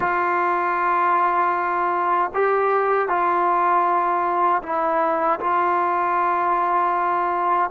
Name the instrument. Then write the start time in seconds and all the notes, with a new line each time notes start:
trombone
0.00 F4
2.34 G4
3.08 F4
4.62 E4
5.40 F4